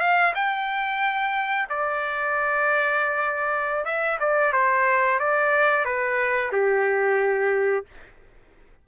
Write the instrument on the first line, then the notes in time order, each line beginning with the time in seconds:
trumpet
0.00 F5
0.35 G5
1.69 D5
3.85 E5
4.20 D5
4.53 C5
5.19 D5
5.85 B4
6.52 G4